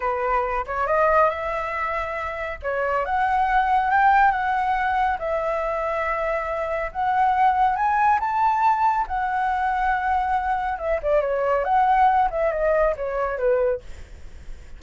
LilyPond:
\new Staff \with { instrumentName = "flute" } { \time 4/4 \tempo 4 = 139 b'4. cis''8 dis''4 e''4~ | e''2 cis''4 fis''4~ | fis''4 g''4 fis''2 | e''1 |
fis''2 gis''4 a''4~ | a''4 fis''2.~ | fis''4 e''8 d''8 cis''4 fis''4~ | fis''8 e''8 dis''4 cis''4 b'4 | }